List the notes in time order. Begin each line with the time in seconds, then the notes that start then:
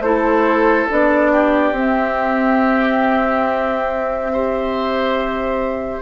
0.00 A3 E4 A4 C5
0.89 B3 D4 D5
1.32 G4
1.71 C4 E5
4.31 G4 C5